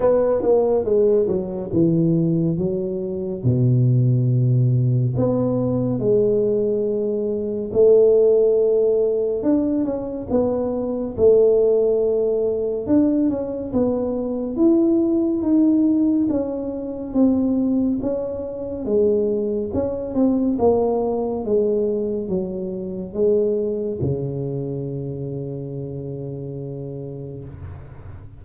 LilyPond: \new Staff \with { instrumentName = "tuba" } { \time 4/4 \tempo 4 = 70 b8 ais8 gis8 fis8 e4 fis4 | b,2 b4 gis4~ | gis4 a2 d'8 cis'8 | b4 a2 d'8 cis'8 |
b4 e'4 dis'4 cis'4 | c'4 cis'4 gis4 cis'8 c'8 | ais4 gis4 fis4 gis4 | cis1 | }